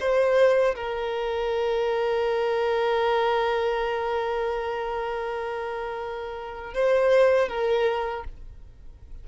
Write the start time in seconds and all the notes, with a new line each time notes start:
0.00 C5
0.75 A#4
6.74 C5
7.49 A#4